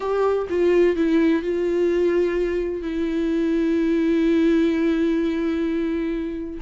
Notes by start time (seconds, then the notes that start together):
0.00 G4
0.49 F4
0.96 E4
1.42 F4
2.82 E4